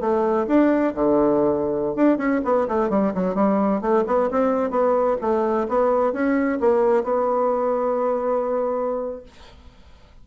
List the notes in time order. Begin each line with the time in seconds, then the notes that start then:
0.00 A3
0.47 D4
0.94 D3
1.95 D4
2.17 C#4
2.44 B3
2.68 A3
2.90 G3
3.14 F#3
3.35 G3
3.81 A3
4.07 B3
4.30 C4
4.70 B3
5.21 A3
5.68 B3
6.13 C#4
6.60 A#3
7.03 B3